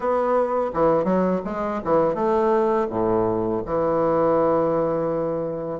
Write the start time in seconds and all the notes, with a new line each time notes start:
0.00 B3
0.73 E3
1.04 F#3
1.45 G#3
1.84 E3
2.14 A3
2.89 A2
3.65 E3